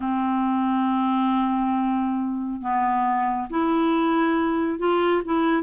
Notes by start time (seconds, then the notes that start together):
0.00 C4
2.61 B3
3.49 E4
4.78 F4
5.24 E4